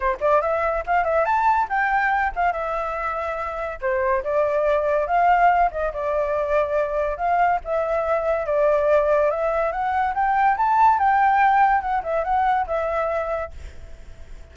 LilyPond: \new Staff \with { instrumentName = "flute" } { \time 4/4 \tempo 4 = 142 c''8 d''8 e''4 f''8 e''8 a''4 | g''4. f''8 e''2~ | e''4 c''4 d''2 | f''4. dis''8 d''2~ |
d''4 f''4 e''2 | d''2 e''4 fis''4 | g''4 a''4 g''2 | fis''8 e''8 fis''4 e''2 | }